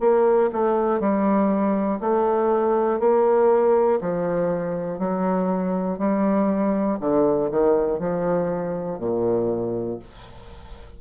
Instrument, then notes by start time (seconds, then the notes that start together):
bassoon
0.00 A#3
0.52 A3
1.00 G3
2.00 A3
3.00 A#3
4.00 F3
4.98 F#3
5.98 G3
7.00 D3
7.50 D#3
7.99 F3
8.99 A#2